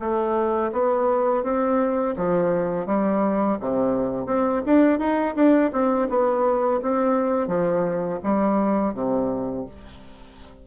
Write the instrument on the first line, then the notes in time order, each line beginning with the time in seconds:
bassoon
0.00 A3
0.73 B3
1.44 C4
2.17 F3
2.87 G3
3.61 C3
4.27 C4
4.66 D4
4.99 D#4
5.36 D4
5.73 C4
6.10 B3
6.83 C4
7.48 F3
8.24 G3
8.94 C3